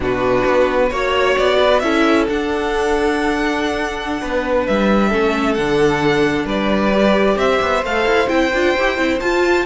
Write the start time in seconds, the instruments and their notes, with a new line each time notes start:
0.00 cello B2, viola D4, violin F#4 B4
0.45 cello B3
0.89 cello A#3, viola F#4, violin C#5
1.37 cello B3, violin D5
1.59 violin B4
1.79 cello C#4, viola E4, violin A4 E5
2.28 cello D4, viola D4, violin F#5
4.20 cello B3, violin B4
4.66 cello G3, violin E5
5.09 cello A3, viola C#4, violin A4
5.54 cello D3, viola D4, violin F#5
6.45 cello G3, violin B4 D5
6.91 viola G4
7.36 cello C4, violin C5 E5
7.61 cello B3
7.84 cello A3, viola A4, violin F5
8.05 cello E4
8.27 cello C4, viola E4, violin G5
8.53 cello D4, viola F4
8.77 cello E4, viola G4
8.96 cello C4, viola E4
9.20 viola F4, cello F4, violin A5